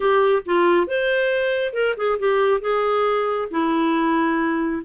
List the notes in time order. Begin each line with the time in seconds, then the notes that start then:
0.00 G4
0.45 F4
0.87 C5
1.73 A#4
1.96 G#4
2.19 G4
2.61 G#4
3.50 E4